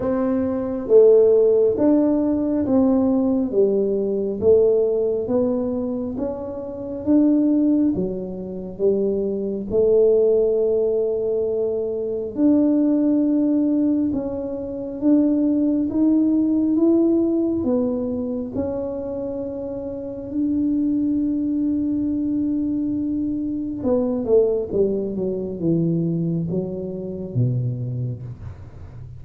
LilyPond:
\new Staff \with { instrumentName = "tuba" } { \time 4/4 \tempo 4 = 68 c'4 a4 d'4 c'4 | g4 a4 b4 cis'4 | d'4 fis4 g4 a4~ | a2 d'2 |
cis'4 d'4 dis'4 e'4 | b4 cis'2 d'4~ | d'2. b8 a8 | g8 fis8 e4 fis4 b,4 | }